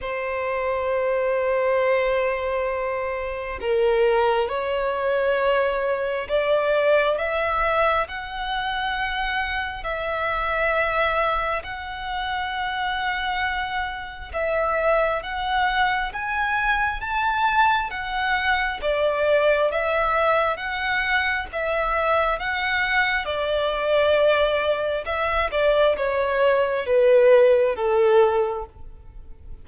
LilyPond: \new Staff \with { instrumentName = "violin" } { \time 4/4 \tempo 4 = 67 c''1 | ais'4 cis''2 d''4 | e''4 fis''2 e''4~ | e''4 fis''2. |
e''4 fis''4 gis''4 a''4 | fis''4 d''4 e''4 fis''4 | e''4 fis''4 d''2 | e''8 d''8 cis''4 b'4 a'4 | }